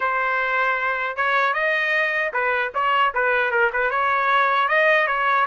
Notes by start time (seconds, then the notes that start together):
0.00 C5
1.16 C#5
1.53 D#5
2.33 B4
2.74 C#5
3.14 B4
3.51 A#4
3.73 B4
3.90 C#5
4.68 D#5
5.07 C#5